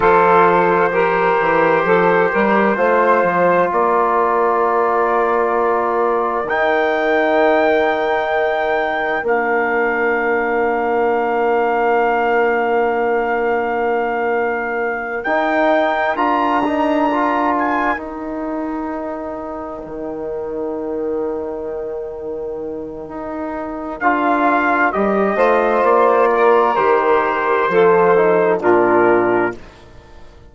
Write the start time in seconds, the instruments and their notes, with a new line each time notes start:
0.00 bassoon F3, trombone F4, saxophone A4, trumpet C5
0.92 trombone G4, saxophone A#4
1.40 bassoon E3
1.84 bassoon F3, saxophone A4
2.31 bassoon G3, saxophone A#4
2.75 bassoon A3, trombone F4, saxophone C5
3.23 bassoon F3
3.70 bassoon A#3, saxophone A#4, trumpet D5
6.43 bassoon D#3, trombone D#4, trumpet G5
9.22 bassoon A#3, trombone D4, trumpet F5
15.23 bassoon D#4, trombone D#4, trumpet G5
16.16 bassoon D4, trombone F4, trumpet A#5
16.63 trombone D#4
17.10 trombone F4
17.57 trumpet G#5
17.96 bassoon D#4, trombone D#4, trumpet G5
19.85 bassoon D#3
23.07 bassoon D#4
24.00 bassoon D4, trombone F4, trumpet F5
24.92 bassoon G3, trombone G4, trumpet D#5
25.35 bassoon A3, trombone F4, saxophone C5
25.83 bassoon A#3, trumpet D5
26.33 saxophone A#4
26.75 bassoon D#3, trombone G4, trumpet C5
27.68 bassoon F3, trombone F4, saxophone A4
28.16 trombone D#4
28.60 bassoon A#2, trombone D4, saxophone F4, trumpet A#4